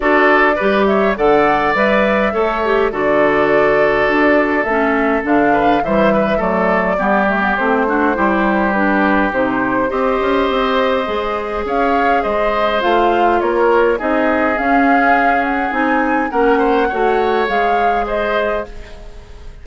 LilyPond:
<<
  \new Staff \with { instrumentName = "flute" } { \time 4/4 \tempo 4 = 103 d''4. e''8 fis''4 e''4~ | e''4 d''2. | e''4 f''4 e''4 d''4~ | d''4 c''2 b'4 |
c''4 dis''2. | f''4 dis''4 f''4 cis''4 | dis''4 f''4. fis''8 gis''4 | fis''2 f''4 dis''4 | }
  \new Staff \with { instrumentName = "oboe" } { \time 4/4 a'4 b'8 cis''8 d''2 | cis''4 a'2.~ | a'4. b'8 c''8 b'8 a'4 | g'4. fis'8 g'2~ |
g'4 c''2. | cis''4 c''2 ais'4 | gis'1 | ais'8 c''8 cis''2 c''4 | }
  \new Staff \with { instrumentName = "clarinet" } { \time 4/4 fis'4 g'4 a'4 b'4 | a'8 g'8 fis'2. | cis'4 d'4 g4 a4 | b8 a16 b16 c'8 d'8 e'4 d'4 |
dis'4 g'2 gis'4~ | gis'2 f'2 | dis'4 cis'2 dis'4 | cis'4 fis'4 gis'2 | }
  \new Staff \with { instrumentName = "bassoon" } { \time 4/4 d'4 g4 d4 g4 | a4 d2 d'4 | a4 d4 e4 fis4 | g4 a4 g2 |
c4 c'8 cis'8 c'4 gis4 | cis'4 gis4 a4 ais4 | c'4 cis'2 c'4 | ais4 a4 gis2 | }
>>